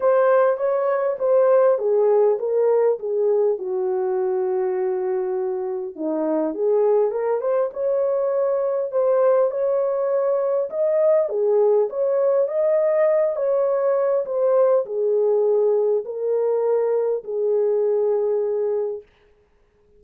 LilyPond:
\new Staff \with { instrumentName = "horn" } { \time 4/4 \tempo 4 = 101 c''4 cis''4 c''4 gis'4 | ais'4 gis'4 fis'2~ | fis'2 dis'4 gis'4 | ais'8 c''8 cis''2 c''4 |
cis''2 dis''4 gis'4 | cis''4 dis''4. cis''4. | c''4 gis'2 ais'4~ | ais'4 gis'2. | }